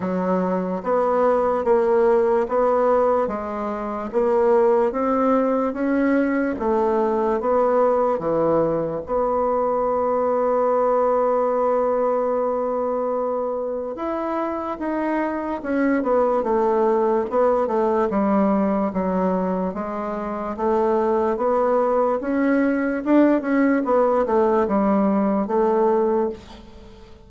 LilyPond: \new Staff \with { instrumentName = "bassoon" } { \time 4/4 \tempo 4 = 73 fis4 b4 ais4 b4 | gis4 ais4 c'4 cis'4 | a4 b4 e4 b4~ | b1~ |
b4 e'4 dis'4 cis'8 b8 | a4 b8 a8 g4 fis4 | gis4 a4 b4 cis'4 | d'8 cis'8 b8 a8 g4 a4 | }